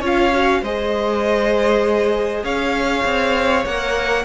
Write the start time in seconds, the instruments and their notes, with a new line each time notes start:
0.00 cello C#4, viola F4, violin C#5 F5
0.32 viola F#4
0.62 cello G#3, viola G#4, violin C5 D#5
2.44 cello C#4, violin C#5 F5
3.05 cello C4
3.65 cello A#3, viola A#4, violin F#5